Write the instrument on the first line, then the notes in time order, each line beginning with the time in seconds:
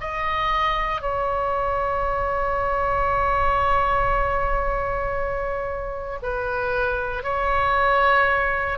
oboe
0.00 D#5
1.01 C#5
6.22 B4
7.23 C#5